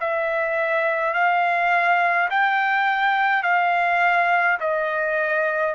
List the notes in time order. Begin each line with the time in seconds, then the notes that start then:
0.00 E5
1.14 F5
2.30 G5
3.43 F5
4.60 D#5